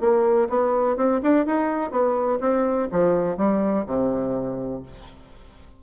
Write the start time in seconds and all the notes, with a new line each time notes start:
0.00 A#3
0.49 B3
0.96 C4
1.23 D4
1.46 D#4
1.91 B3
2.40 C4
2.91 F3
3.37 G3
3.86 C3